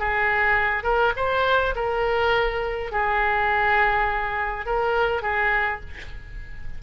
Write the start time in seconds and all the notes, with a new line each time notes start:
0.00 G#4
0.84 A#4
1.17 C5
1.76 A#4
2.92 G#4
4.66 A#4
5.23 G#4